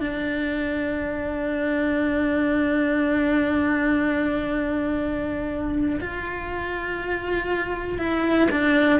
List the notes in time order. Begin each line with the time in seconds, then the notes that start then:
0.00 D4
6.00 F4
7.99 E4
8.51 D4